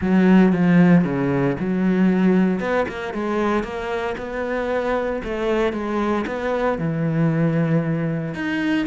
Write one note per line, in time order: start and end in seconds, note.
0.01 0.52 F#3
0.52 1.04 F3
1.04 1.56 C#3
1.59 2.59 F#3
2.59 2.86 B3
2.88 3.13 A#3
3.13 3.63 G#3
3.63 4.15 A#3
4.17 5.22 B3
5.24 5.72 A3
5.72 6.25 G#3
6.26 6.78 B3
6.78 8.34 E3
8.34 8.86 D#4